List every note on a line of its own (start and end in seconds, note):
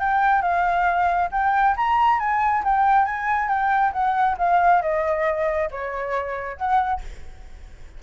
0.00 0.42 G5
0.42 1.29 F5
1.32 1.75 G5
1.77 2.20 A#5
2.20 2.63 G#5
2.64 3.05 G5
3.05 3.49 G#5
3.49 3.92 G5
3.93 4.37 F#5
4.38 4.82 F5
4.82 5.70 D#5
5.71 6.57 C#5
6.57 7.01 F#5